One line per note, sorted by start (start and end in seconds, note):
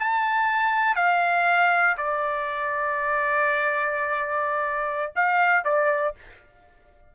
0.00 0.96 A5
0.96 1.97 F5
1.97 5.12 D5
5.16 5.65 F5
5.65 6.15 D5